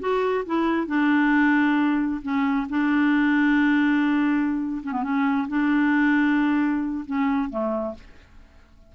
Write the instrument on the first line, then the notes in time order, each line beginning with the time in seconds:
clarinet
0.00 F#4
0.46 E4
0.87 D4
2.22 C#4
2.69 D4
4.84 C#4
4.93 B3
5.03 C#4
5.48 D4
7.06 C#4
7.50 A3